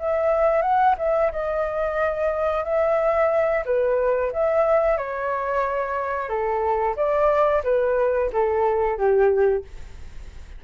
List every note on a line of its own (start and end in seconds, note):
0.00 0.62 E5
0.62 0.95 F#5
0.98 1.32 E5
1.32 2.65 D#5
2.65 3.65 E5
3.66 4.32 B4
4.33 4.98 E5
4.98 6.29 C#5
6.29 6.96 A4
6.97 7.63 D5
7.64 8.31 B4
8.33 8.98 A4
8.98 9.65 G4